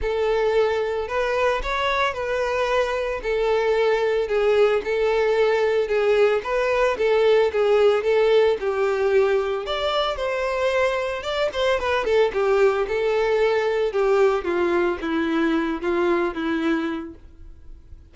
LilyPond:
\new Staff \with { instrumentName = "violin" } { \time 4/4 \tempo 4 = 112 a'2 b'4 cis''4 | b'2 a'2 | gis'4 a'2 gis'4 | b'4 a'4 gis'4 a'4 |
g'2 d''4 c''4~ | c''4 d''8 c''8 b'8 a'8 g'4 | a'2 g'4 f'4 | e'4. f'4 e'4. | }